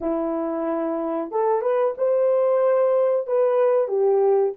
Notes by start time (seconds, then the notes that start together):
0.00 E4
1.31 A4
1.61 B4
1.97 C5
3.26 B4
3.87 G4